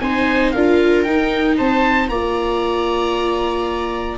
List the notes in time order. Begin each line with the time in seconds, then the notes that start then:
0.00 C4 D#4 C5 G#5
0.52 D4 F4 A#4 F5
1.03 D#4 G5
1.57 C4 C5 A5
2.09 A#3 F4 D5 A#5